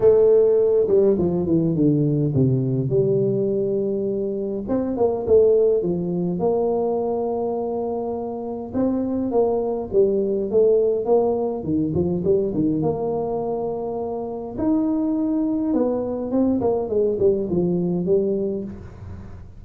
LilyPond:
\new Staff \with { instrumentName = "tuba" } { \time 4/4 \tempo 4 = 103 a4. g8 f8 e8 d4 | c4 g2. | c'8 ais8 a4 f4 ais4~ | ais2. c'4 |
ais4 g4 a4 ais4 | dis8 f8 g8 dis8 ais2~ | ais4 dis'2 b4 | c'8 ais8 gis8 g8 f4 g4 | }